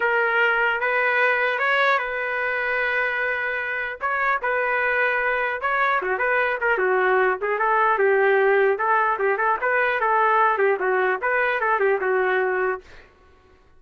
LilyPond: \new Staff \with { instrumentName = "trumpet" } { \time 4/4 \tempo 4 = 150 ais'2 b'2 | cis''4 b'2.~ | b'2 cis''4 b'4~ | b'2 cis''4 fis'8 b'8~ |
b'8 ais'8 fis'4. gis'8 a'4 | g'2 a'4 g'8 a'8 | b'4 a'4. g'8 fis'4 | b'4 a'8 g'8 fis'2 | }